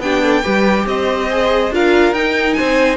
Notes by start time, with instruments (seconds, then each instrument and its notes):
0.00 cello B3, viola D4, violin G4 G5
0.24 violin A4
0.44 cello G3, viola G4, violin B4
0.86 cello C4, violin C5 D#5
1.31 viola G#4
1.71 cello D4, viola F4, violin A#4 F5
2.13 cello D#4, viola D#4, violin G5
2.54 violin C5 G#5
2.60 cello C4